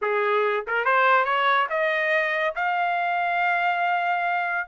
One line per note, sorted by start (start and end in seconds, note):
0.01 0.65 G#4
0.67 0.84 A#4
0.84 1.24 C5
1.24 1.67 C#5
1.69 2.54 D#5
2.55 4.68 F5